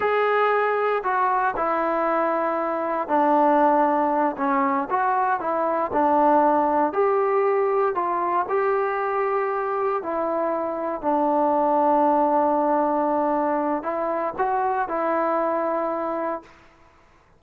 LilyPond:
\new Staff \with { instrumentName = "trombone" } { \time 4/4 \tempo 4 = 117 gis'2 fis'4 e'4~ | e'2 d'2~ | d'8 cis'4 fis'4 e'4 d'8~ | d'4. g'2 f'8~ |
f'8 g'2. e'8~ | e'4. d'2~ d'8~ | d'2. e'4 | fis'4 e'2. | }